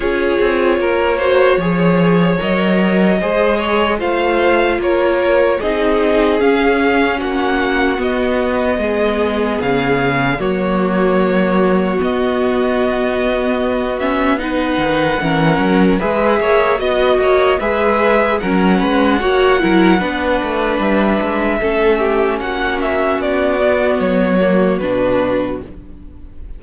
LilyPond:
<<
  \new Staff \with { instrumentName = "violin" } { \time 4/4 \tempo 4 = 75 cis''2. dis''4~ | dis''4 f''4 cis''4 dis''4 | f''4 fis''4 dis''2 | f''4 cis''2 dis''4~ |
dis''4. e''8 fis''2 | e''4 dis''4 e''4 fis''4~ | fis''2 e''2 | fis''8 e''8 d''4 cis''4 b'4 | }
  \new Staff \with { instrumentName = "violin" } { \time 4/4 gis'4 ais'8 c''8 cis''2 | c''8 cis''8 c''4 ais'4 gis'4~ | gis'4 fis'2 gis'4~ | gis'4 fis'2.~ |
fis'2 b'4 ais'4 | b'8 cis''8 dis''8 cis''8 b'4 ais'8 b'8 | cis''8 ais'8 b'2 a'8 g'8 | fis'1 | }
  \new Staff \with { instrumentName = "viola" } { \time 4/4 f'4. fis'8 gis'4 ais'4 | gis'4 f'2 dis'4 | cis'2 b2~ | b4 ais2 b4~ |
b4. cis'8 dis'4 cis'4 | gis'4 fis'4 gis'4 cis'4 | fis'8 e'8 d'2 cis'4~ | cis'4. b4 ais8 d'4 | }
  \new Staff \with { instrumentName = "cello" } { \time 4/4 cis'8 c'8 ais4 f4 fis4 | gis4 a4 ais4 c'4 | cis'4 ais4 b4 gis4 | cis4 fis2 b4~ |
b2~ b8 dis8 e8 fis8 | gis8 ais8 b8 ais8 gis4 fis8 gis8 | ais8 fis8 b8 a8 g8 gis8 a4 | ais4 b4 fis4 b,4 | }
>>